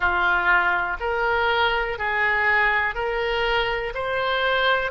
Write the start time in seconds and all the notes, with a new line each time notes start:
0.00 F4
1.00 A#4
1.98 G#4
2.94 A#4
3.94 C5